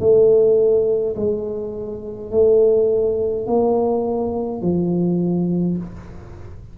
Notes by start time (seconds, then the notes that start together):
0.00 A3
1.16 G#3
2.31 A3
3.47 A#3
4.62 F3